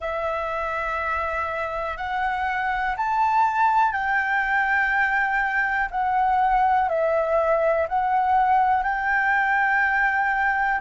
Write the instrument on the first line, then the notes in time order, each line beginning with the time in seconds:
flute
0.00 E5
1.97 F#5
2.96 A5
3.92 G5
5.91 F#5
6.89 E5
7.88 F#5
8.83 G5